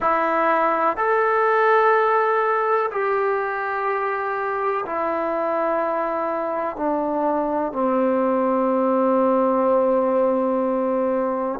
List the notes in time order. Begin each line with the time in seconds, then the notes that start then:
0.00 E4
0.97 A4
2.91 G4
4.86 E4
6.76 D4
7.72 C4